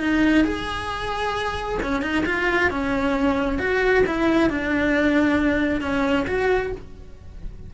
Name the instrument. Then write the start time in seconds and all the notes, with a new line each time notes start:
cello
0.00 D#4
0.45 G#4
1.83 C#4
2.02 D#4
2.26 F4
2.70 C#4
3.59 F#4
4.06 E4
4.50 D4
5.81 C#4
6.27 F#4